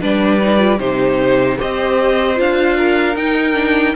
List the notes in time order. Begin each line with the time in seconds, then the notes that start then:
0.00 G3 D4 B4 D5
0.40 D#4
0.59 F4
0.79 C3 D#4 G4 C5
1.58 C4 G4 C5 D#5
2.35 D4 F4 F5
2.76 A#4
3.15 D#4 G5
3.53 D4